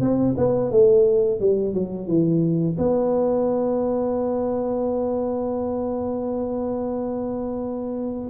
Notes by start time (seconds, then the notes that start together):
0.00 C4
0.37 B3
0.71 A3
1.40 G3
1.74 F#3
2.07 E3
2.78 B3